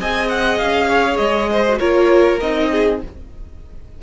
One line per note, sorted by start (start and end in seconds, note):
0.00 0.61 C4
0.00 1.68 G#4
0.00 0.89 D#5
0.00 0.28 G#5
0.28 0.58 F#5
0.58 1.19 C#4
0.58 1.17 F5
0.89 1.49 C#5
1.17 1.80 G#3
1.17 1.78 D#5
1.51 1.79 C5
1.69 1.79 F#4
1.79 2.42 A#3
1.79 2.40 F4
1.79 2.70 A#4
1.79 2.39 C#5
2.40 3.02 C4
2.40 3.02 D#4
2.40 3.01 D#5
2.71 3.01 G#4